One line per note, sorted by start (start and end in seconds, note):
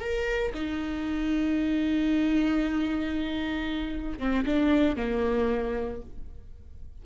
0.00 0.53 A#4
0.55 4.19 D#4
4.19 4.45 C4
4.46 4.97 D4
4.97 6.02 A#3